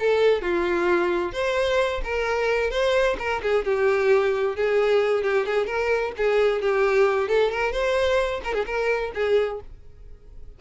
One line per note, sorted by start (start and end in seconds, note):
0.00 0.42 A4
0.42 1.33 F4
1.33 2.02 C5
2.04 2.71 A#4
2.71 3.16 C5
3.19 3.42 A#4
3.43 3.65 G#4
3.65 4.56 G4
4.56 5.23 G#4
5.23 5.46 G4
5.46 5.66 G#4
5.66 6.12 A#4
6.17 6.62 G#4
6.62 7.29 G4
7.29 7.52 A4
7.52 7.72 A#4
7.72 8.41 C5
8.44 8.54 A#4
8.54 8.66 G#4
8.66 9.12 A#4
9.15 9.61 G#4